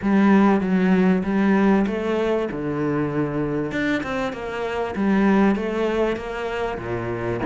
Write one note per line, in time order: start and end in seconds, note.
0.01 0.60 G3
0.60 1.22 F#3
1.23 1.85 G3
1.86 2.48 A3
2.51 3.71 D3
3.71 4.02 D4
4.03 4.32 C4
4.32 4.94 A#3
4.95 5.55 G3
5.55 6.16 A3
6.16 6.78 A#3
6.78 7.40 A#2